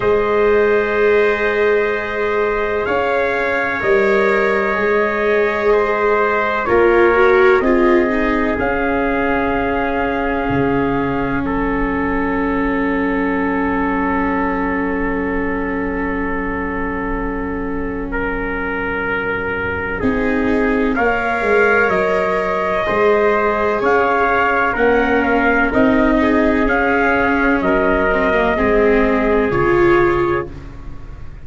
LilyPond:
<<
  \new Staff \with { instrumentName = "trumpet" } { \time 4/4 \tempo 4 = 63 dis''2. f''4 | dis''2. cis''4 | dis''4 f''2. | fis''1~ |
fis''1~ | fis''2 f''4 dis''4~ | dis''4 f''4 fis''8 f''8 dis''4 | f''4 dis''2 cis''4 | }
  \new Staff \with { instrumentName = "trumpet" } { \time 4/4 c''2. cis''4~ | cis''2 c''4 ais'4 | gis'1 | a'1~ |
a'2. ais'4~ | ais'4 gis'4 cis''2 | c''4 cis''4 ais'4. gis'8~ | gis'4 ais'4 gis'2 | }
  \new Staff \with { instrumentName = "viola" } { \time 4/4 gis'1 | ais'4 gis'2 f'8 fis'8 | f'8 dis'8 cis'2.~ | cis'1~ |
cis'1~ | cis'4 dis'4 ais'2 | gis'2 cis'4 dis'4 | cis'4. c'16 ais16 c'4 f'4 | }
  \new Staff \with { instrumentName = "tuba" } { \time 4/4 gis2. cis'4 | g4 gis2 ais4 | c'4 cis'2 cis4 | fis1~ |
fis1~ | fis4 c'4 ais8 gis8 fis4 | gis4 cis'4 ais4 c'4 | cis'4 fis4 gis4 cis4 | }
>>